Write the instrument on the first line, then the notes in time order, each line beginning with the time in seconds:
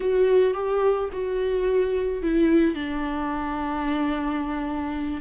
viola
0.00 F#4
0.54 G4
1.12 F#4
2.22 E4
2.74 D4